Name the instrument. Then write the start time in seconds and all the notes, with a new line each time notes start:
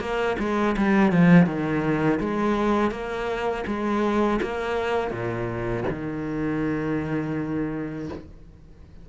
cello
0.00 A#3
0.39 G#3
0.76 G3
1.11 F3
1.46 D#3
2.20 G#3
2.91 A#3
3.67 G#3
4.41 A#3
5.11 A#2
5.89 D#3